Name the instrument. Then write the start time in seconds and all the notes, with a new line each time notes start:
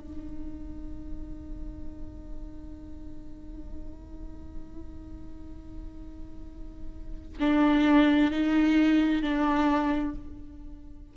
viola
0.00 D#4
7.40 D4
8.31 D#4
9.23 D4